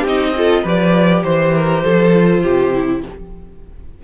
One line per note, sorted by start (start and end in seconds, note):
0.00 0.63 C4
0.00 0.35 D#4
0.00 0.30 G4
0.07 0.66 D#5
0.36 0.65 F4
0.36 0.62 A4
0.62 1.23 F3
0.62 2.13 G4
0.62 1.22 B4
0.62 1.23 D5
1.23 1.83 E3
1.23 3.01 C5
1.23 1.54 C5
1.54 1.83 A#4
1.83 2.43 F3
1.83 2.42 A4
2.14 2.74 F4
2.42 3.03 C3
2.42 3.02 G4
2.74 3.03 E4